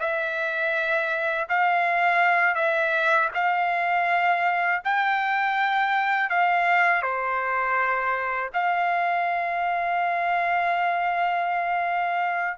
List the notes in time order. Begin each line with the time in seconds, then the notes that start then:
0.00 E5
1.49 F5
2.55 E5
3.34 F5
4.85 G5
6.30 F5
7.02 C5
8.54 F5